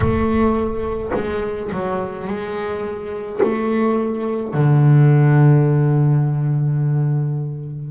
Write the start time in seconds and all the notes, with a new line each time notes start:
0.00 A3
1.14 G#3
1.71 F#3
2.26 G#3
3.42 A3
4.53 D3